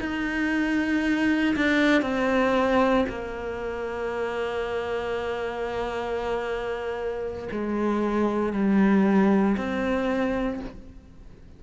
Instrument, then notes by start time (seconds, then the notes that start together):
cello
0.00 D#4
1.56 D4
2.02 C4
3.08 A#3
7.51 G#3
8.53 G3
9.56 C4